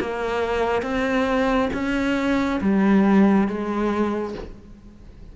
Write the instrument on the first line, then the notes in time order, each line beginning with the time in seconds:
cello
0.00 A#3
0.82 C4
1.73 C#4
2.61 G3
3.47 G#3